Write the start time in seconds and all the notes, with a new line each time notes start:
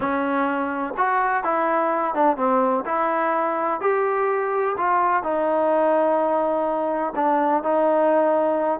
0.00 C#4
0.97 F#4
1.43 E4
2.14 D4
2.36 C4
2.85 E4
3.80 G4
4.77 F4
5.23 D#4
7.15 D4
7.63 D#4